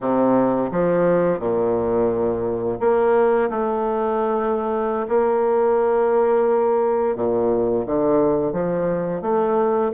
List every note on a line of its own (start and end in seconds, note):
0.01 0.70 C3
0.71 1.39 F3
1.39 2.78 A#2
2.79 3.49 A#3
3.49 5.06 A3
5.08 7.15 A#3
7.15 7.85 A#2
7.86 8.52 D3
8.52 9.21 F3
9.21 9.91 A3